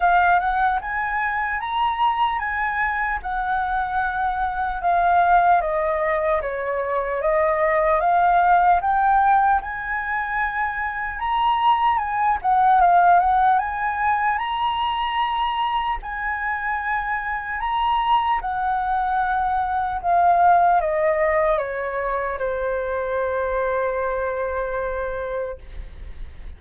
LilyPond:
\new Staff \with { instrumentName = "flute" } { \time 4/4 \tempo 4 = 75 f''8 fis''8 gis''4 ais''4 gis''4 | fis''2 f''4 dis''4 | cis''4 dis''4 f''4 g''4 | gis''2 ais''4 gis''8 fis''8 |
f''8 fis''8 gis''4 ais''2 | gis''2 ais''4 fis''4~ | fis''4 f''4 dis''4 cis''4 | c''1 | }